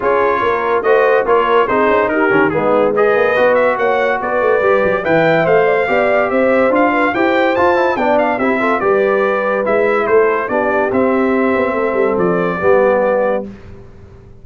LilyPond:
<<
  \new Staff \with { instrumentName = "trumpet" } { \time 4/4 \tempo 4 = 143 cis''2 dis''4 cis''4 | c''4 ais'4 gis'4 dis''4~ | dis''8 e''8 fis''4 d''2 | g''4 f''2 e''4 |
f''4 g''4 a''4 g''8 f''8 | e''4 d''2 e''4 | c''4 d''4 e''2~ | e''4 d''2. | }
  \new Staff \with { instrumentName = "horn" } { \time 4/4 gis'4 ais'4 c''4 ais'4 | gis'4 g'4 dis'4 b'4~ | b'4 cis''4 b'2 | e''4. d''16 c''16 d''4 c''4~ |
c''8 b'8 c''2 d''4 | g'8 a'8 b'2. | a'4 g'2. | a'2 g'2 | }
  \new Staff \with { instrumentName = "trombone" } { \time 4/4 f'2 fis'4 f'4 | dis'4. cis'8 b4 gis'4 | fis'2. g'4 | b'4 c''4 g'2 |
f'4 g'4 f'8 e'8 d'4 | e'8 f'8 g'2 e'4~ | e'4 d'4 c'2~ | c'2 b2 | }
  \new Staff \with { instrumentName = "tuba" } { \time 4/4 cis'4 ais4 a4 ais4 | c'8 cis'8 dis'8 dis8 gis4. ais8 | b4 ais4 b8 a8 g8 fis8 | e4 a4 b4 c'4 |
d'4 e'4 f'4 b4 | c'4 g2 gis4 | a4 b4 c'4. b8 | a8 g8 f4 g2 | }
>>